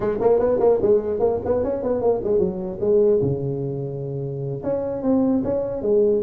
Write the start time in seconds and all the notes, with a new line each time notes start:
0.00 G#3
0.20 A#3
0.39 B3
0.59 A#3
0.82 G#3
1.19 A#3
1.44 B3
1.63 C#4
1.82 B3
2.01 A#3
2.23 G#3
2.38 F#3
2.80 G#3
3.21 C#3
4.63 C#4
5.02 C4
5.44 C#4
5.82 G#3